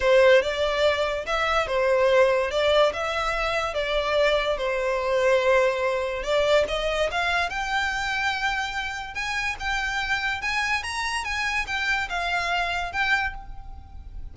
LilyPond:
\new Staff \with { instrumentName = "violin" } { \time 4/4 \tempo 4 = 144 c''4 d''2 e''4 | c''2 d''4 e''4~ | e''4 d''2 c''4~ | c''2. d''4 |
dis''4 f''4 g''2~ | g''2 gis''4 g''4~ | g''4 gis''4 ais''4 gis''4 | g''4 f''2 g''4 | }